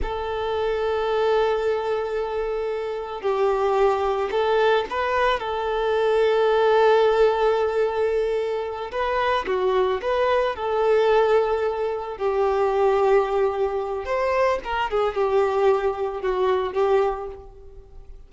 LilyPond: \new Staff \with { instrumentName = "violin" } { \time 4/4 \tempo 4 = 111 a'1~ | a'2 g'2 | a'4 b'4 a'2~ | a'1~ |
a'8 b'4 fis'4 b'4 a'8~ | a'2~ a'8 g'4.~ | g'2 c''4 ais'8 gis'8 | g'2 fis'4 g'4 | }